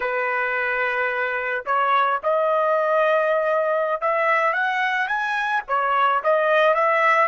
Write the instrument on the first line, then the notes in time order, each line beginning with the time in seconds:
trumpet
0.00 B4
1.65 C#5
2.23 D#5
4.01 E5
4.53 F#5
5.07 G#5
5.67 C#5
6.23 D#5
6.74 E5